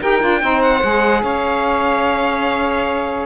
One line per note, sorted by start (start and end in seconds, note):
0.00 0.22 D#4
0.00 0.19 G4
0.00 0.41 A#4
0.00 0.61 G5
0.19 0.42 D4
0.19 0.40 F4
0.40 0.83 C4
0.40 0.81 D#4
0.40 1.23 C5
0.61 1.23 F#5
0.83 1.22 G#3
0.83 3.26 G#4
1.22 3.26 C#4
1.22 3.26 C#5
1.22 3.26 F5